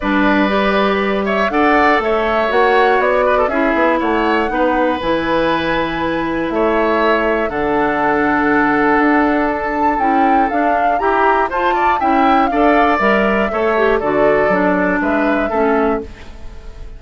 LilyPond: <<
  \new Staff \with { instrumentName = "flute" } { \time 4/4 \tempo 4 = 120 d''2~ d''8 e''8 fis''4 | e''4 fis''4 d''4 e''4 | fis''2 gis''2~ | gis''4 e''2 fis''4~ |
fis''2. a''4 | g''4 f''4 ais''4 a''4 | g''4 f''4 e''2 | d''2 e''2 | }
  \new Staff \with { instrumentName = "oboe" } { \time 4/4 b'2~ b'8 cis''8 d''4 | cis''2~ cis''8 b'16 a'16 gis'4 | cis''4 b'2.~ | b'4 cis''2 a'4~ |
a'1~ | a'2 g'4 c''8 d''8 | e''4 d''2 cis''4 | a'2 b'4 a'4 | }
  \new Staff \with { instrumentName = "clarinet" } { \time 4/4 d'4 g'2 a'4~ | a'4 fis'2 e'4~ | e'4 dis'4 e'2~ | e'2. d'4~ |
d'1 | e'4 d'4 g'4 f'4 | e'4 a'4 ais'4 a'8 g'8 | fis'4 d'2 cis'4 | }
  \new Staff \with { instrumentName = "bassoon" } { \time 4/4 g2. d'4 | a4 ais4 b4 cis'8 b8 | a4 b4 e2~ | e4 a2 d4~ |
d2 d'2 | cis'4 d'4 e'4 f'4 | cis'4 d'4 g4 a4 | d4 fis4 gis4 a4 | }
>>